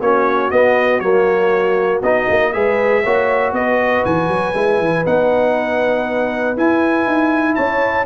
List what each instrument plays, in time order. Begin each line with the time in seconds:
0.00 tuba A#3, trombone C#4, horn F#4, trumpet C#5
0.50 trombone B3, tuba B3, trumpet D#5
1.00 tuba F#3, trombone A#3, trumpet C#5
2.02 tuba B3, trombone D#4, trumpet D#5
2.29 tuba A#3
2.52 tuba G#3, trombone G#4, horn B4, trumpet E5
3.03 tuba A#3, trombone F#4, horn C#5
3.52 tuba B3, horn B4, trumpet D#5
4.05 tuba E3, trumpet G#5
4.28 tuba F#3
4.54 tuba G#3, trombone E4
4.79 tuba E3
5.05 tuba B3, trombone D#4, trumpet F#5
6.56 trombone E4, tuba E4, trumpet G#5
7.06 tuba D#4
7.55 tuba C#4, horn C#5, trumpet A5